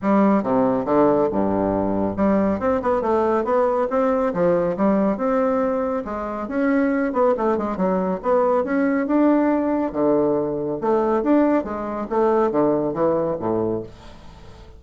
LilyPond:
\new Staff \with { instrumentName = "bassoon" } { \time 4/4 \tempo 4 = 139 g4 c4 d4 g,4~ | g,4 g4 c'8 b8 a4 | b4 c'4 f4 g4 | c'2 gis4 cis'4~ |
cis'8 b8 a8 gis8 fis4 b4 | cis'4 d'2 d4~ | d4 a4 d'4 gis4 | a4 d4 e4 a,4 | }